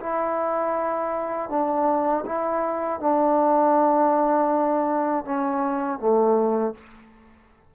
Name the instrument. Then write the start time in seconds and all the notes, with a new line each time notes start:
trombone
0.00 E4
1.49 D4
2.26 E4
3.00 D4
5.25 C#4
5.99 A3